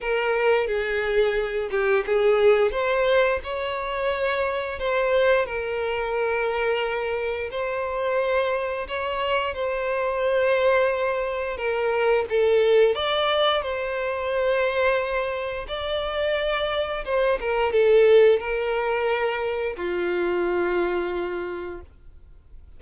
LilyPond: \new Staff \with { instrumentName = "violin" } { \time 4/4 \tempo 4 = 88 ais'4 gis'4. g'8 gis'4 | c''4 cis''2 c''4 | ais'2. c''4~ | c''4 cis''4 c''2~ |
c''4 ais'4 a'4 d''4 | c''2. d''4~ | d''4 c''8 ais'8 a'4 ais'4~ | ais'4 f'2. | }